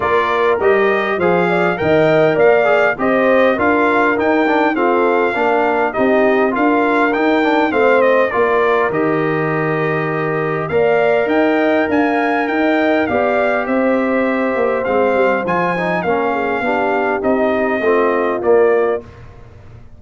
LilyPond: <<
  \new Staff \with { instrumentName = "trumpet" } { \time 4/4 \tempo 4 = 101 d''4 dis''4 f''4 g''4 | f''4 dis''4 f''4 g''4 | f''2 dis''4 f''4 | g''4 f''8 dis''8 d''4 dis''4~ |
dis''2 f''4 g''4 | gis''4 g''4 f''4 e''4~ | e''4 f''4 gis''4 f''4~ | f''4 dis''2 d''4 | }
  \new Staff \with { instrumentName = "horn" } { \time 4/4 ais'2 c''8 d''8 dis''4 | d''4 c''4 ais'2 | a'4 ais'4 g'4 ais'4~ | ais'4 c''4 ais'2~ |
ais'2 d''4 dis''4 | f''4 dis''4 d''4 c''4~ | c''2. ais'8 gis'8 | g'2 f'2 | }
  \new Staff \with { instrumentName = "trombone" } { \time 4/4 f'4 g'4 gis'4 ais'4~ | ais'8 gis'8 g'4 f'4 dis'8 d'8 | c'4 d'4 dis'4 f'4 | dis'8 d'8 c'4 f'4 g'4~ |
g'2 ais'2~ | ais'2 g'2~ | g'4 c'4 f'8 dis'8 cis'4 | d'4 dis'4 c'4 ais4 | }
  \new Staff \with { instrumentName = "tuba" } { \time 4/4 ais4 g4 f4 dis4 | ais4 c'4 d'4 dis'4 | f'4 ais4 c'4 d'4 | dis'4 a4 ais4 dis4~ |
dis2 ais4 dis'4 | d'4 dis'4 b4 c'4~ | c'8 ais8 gis8 g8 f4 ais4 | b4 c'4 a4 ais4 | }
>>